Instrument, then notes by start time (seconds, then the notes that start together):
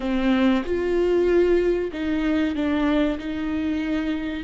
viola
0.00 C4
0.65 F4
1.92 D#4
2.55 D4
3.18 D#4